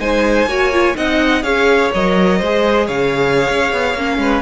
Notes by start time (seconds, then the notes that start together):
0.00 G#3 D#4 C5 G#5
0.47 A#3 F#4 C#5
0.73 F4
0.95 C4 D#4 D#5 F#5
1.43 C#4 G#4 C#5 F5
1.95 F#3 A#4 D#5
2.38 G#3 C5
2.45 G#4
2.87 C#3 C#5 F5
3.50 C#4
3.73 B3
3.94 A#3 C#4
4.18 G#3 B4